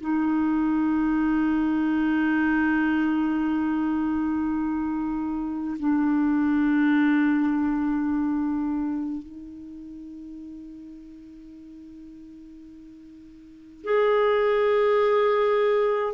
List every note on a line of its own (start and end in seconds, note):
0.00 5.77 D#4
5.79 9.23 D4
9.23 13.84 D#4
13.84 16.13 G#4